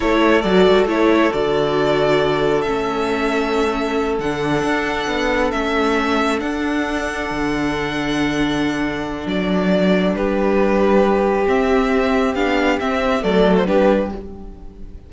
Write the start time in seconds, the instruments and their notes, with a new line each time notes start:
0.00 cello A3, viola E4, violin A4 C#5
0.41 cello F#3, viola F#4, violin D5
0.67 cello G3
0.86 cello A3, viola E4, violin C#5
1.32 cello D3, viola F#4, violin D5
2.61 cello A3, viola C#4, violin E5
4.19 cello D3, viola D4, violin F#5
4.64 cello D4
5.07 cello B3
5.51 cello A3, viola C#4, violin E5
6.38 viola D4, cello D4, violin F#5
7.30 cello D3
9.26 cello F#3, violin D5
10.13 cello G3, violin G4 B4
11.47 cello C4, viola C4, violin E5
12.34 cello B3, viola D4, violin F5
12.79 viola C4, cello C4, violin E5
13.22 cello F#3, viola A3, violin A4 D5
13.56 violin C5
13.66 cello G3, viola D4, violin G4 B4